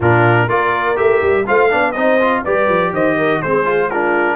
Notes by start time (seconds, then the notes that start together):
0.00 A#2 D4 F4 A#4
0.48 A#3 F4 A#4 D5
0.95 A3 G4 E5
1.22 G3
1.46 A3 F4 C5 F5
1.70 B3 D4 D5
1.92 C4 D#4 C5 D#5
2.20 F4
2.44 G3 G4 B4 D5
2.68 F3
2.92 D#3 C5 D#5
3.17 A#4
3.41 G#3 C4 G#4 C5
3.64 F4
3.89 D4 F4 A#4